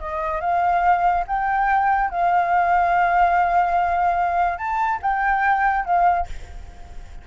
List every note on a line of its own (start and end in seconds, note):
0.00 0.41 D#5
0.41 1.24 F5
1.27 2.10 G5
2.10 4.58 F5
4.58 5.00 A5
5.02 5.85 G5
5.85 6.27 F5